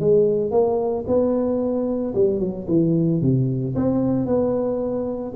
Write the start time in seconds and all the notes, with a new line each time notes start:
0.00 G#3
0.51 A#3
1.07 B3
2.15 G3
2.40 F#3
2.68 E3
3.22 C3
3.75 C4
4.26 B3